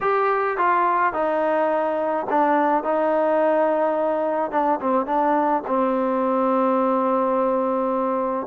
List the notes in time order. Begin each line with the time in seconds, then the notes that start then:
0.01 G4
0.57 F4
1.13 D#4
2.29 D4
2.83 D#4
4.51 D4
4.80 C4
5.06 D4
5.67 C4